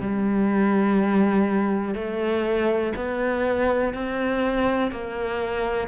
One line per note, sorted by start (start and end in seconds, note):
0.00 1.94 G3
1.94 2.93 A3
2.96 3.93 B3
3.93 4.91 C4
4.91 5.88 A#3